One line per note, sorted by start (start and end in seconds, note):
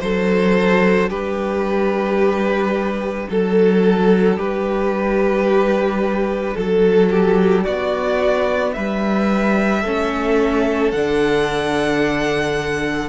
0.00 1.10 F#3
0.00 9.82 D4
0.00 1.10 A4
0.00 1.10 C5
1.10 3.28 G3
1.10 3.28 G4
1.10 3.28 B4
3.29 4.37 F#3
3.29 4.37 A4
3.29 4.39 A4
4.37 6.55 G3
4.37 6.55 G4
4.37 6.57 B4
6.55 7.66 F#3
6.55 7.10 A4
6.55 7.64 A4
7.10 7.65 G4
7.64 8.76 B3
7.64 8.74 F#4
7.64 8.73 D5
8.73 9.84 G3
8.73 9.82 B4
8.73 10.92 E5
9.82 10.92 A3
9.82 10.95 C#4
9.82 13.09 A4
10.92 13.09 D3
10.92 13.09 D4
10.92 13.09 F#5